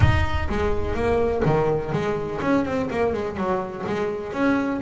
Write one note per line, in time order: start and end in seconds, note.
0.00 0.48 D#4
0.49 0.94 G#3
0.94 1.42 A#3
1.45 1.92 D#3
1.92 2.40 G#3
2.41 2.65 C#4
2.65 2.89 C4
2.90 3.13 A#3
3.13 3.36 G#3
3.36 3.84 F#3
3.86 4.32 G#3
4.32 4.80 C#4